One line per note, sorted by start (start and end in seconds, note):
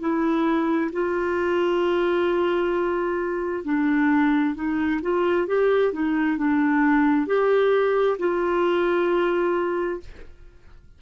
0.00 0.91 E4
0.93 3.64 F4
3.64 4.55 D4
4.55 5.01 D#4
5.02 5.48 F4
5.48 5.93 G4
5.93 6.38 D#4
6.38 7.27 D4
7.27 8.18 G4
8.19 10.01 F4